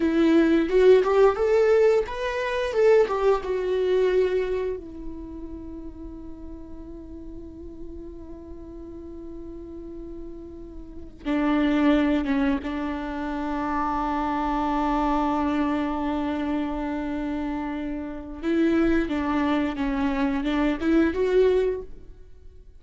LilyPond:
\new Staff \with { instrumentName = "viola" } { \time 4/4 \tempo 4 = 88 e'4 fis'8 g'8 a'4 b'4 | a'8 g'8 fis'2 e'4~ | e'1~ | e'1~ |
e'8 d'4. cis'8 d'4.~ | d'1~ | d'2. e'4 | d'4 cis'4 d'8 e'8 fis'4 | }